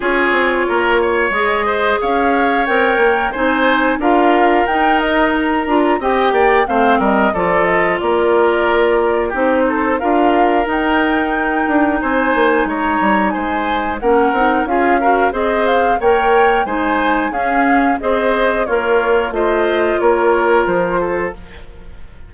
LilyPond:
<<
  \new Staff \with { instrumentName = "flute" } { \time 4/4 \tempo 4 = 90 cis''2 dis''4 f''4 | g''4 gis''4 f''4 g''8 dis''8 | ais''4 g''4 f''8 dis''8 d''8 dis''8 | d''2 c''4 f''4 |
g''2 gis''4 ais''4 | gis''4 fis''4 f''4 dis''8 f''8 | g''4 gis''4 f''4 dis''4 | cis''4 dis''4 cis''4 c''4 | }
  \new Staff \with { instrumentName = "oboe" } { \time 4/4 gis'4 ais'8 cis''4 c''8 cis''4~ | cis''4 c''4 ais'2~ | ais'4 dis''8 d''8 c''8 ais'8 a'4 | ais'2 g'8 a'8 ais'4~ |
ais'2 c''4 cis''4 | c''4 ais'4 gis'8 ais'8 c''4 | cis''4 c''4 gis'4 c''4 | f'4 c''4 ais'4. a'8 | }
  \new Staff \with { instrumentName = "clarinet" } { \time 4/4 f'2 gis'2 | ais'4 dis'4 f'4 dis'4~ | dis'8 f'8 g'4 c'4 f'4~ | f'2 dis'4 f'4 |
dis'1~ | dis'4 cis'8 dis'8 f'8 fis'8 gis'4 | ais'4 dis'4 cis'4 gis'4 | ais'4 f'2. | }
  \new Staff \with { instrumentName = "bassoon" } { \time 4/4 cis'8 c'8 ais4 gis4 cis'4 | c'8 ais8 c'4 d'4 dis'4~ | dis'8 d'8 c'8 ais8 a8 g8 f4 | ais2 c'4 d'4 |
dis'4. d'8 c'8 ais8 gis8 g8 | gis4 ais8 c'8 cis'4 c'4 | ais4 gis4 cis'4 c'4 | ais4 a4 ais4 f4 | }
>>